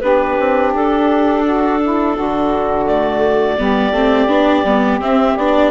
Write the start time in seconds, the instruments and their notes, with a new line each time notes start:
0.00 bassoon B3, viola D4, saxophone G4, clarinet B4
0.39 bassoon C4
0.74 bassoon D4, clarinet A4
1.44 saxophone F#4
1.82 saxophone E4
2.15 bassoon D3, saxophone F#4
2.85 viola A3, clarinet D5
3.58 bassoon G3, viola B3, saxophone G4
3.91 bassoon A3, viola C4
4.27 bassoon B3, viola D4
4.64 bassoon G3, viola B3
4.99 bassoon C4, viola C4, clarinet E5
5.37 bassoon B3, viola D4, clarinet D5